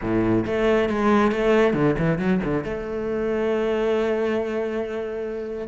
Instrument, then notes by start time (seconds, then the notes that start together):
cello
0.01 A2
0.46 A3
0.89 G#3
1.31 A3
1.73 D3
1.98 E3
2.18 F#3
2.43 D3
2.64 A3